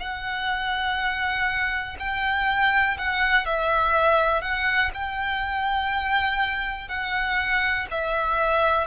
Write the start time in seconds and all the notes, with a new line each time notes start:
0.00 F#5
1.99 G5
2.98 F#5
3.46 E5
4.42 F#5
4.94 G5
6.89 F#5
7.91 E5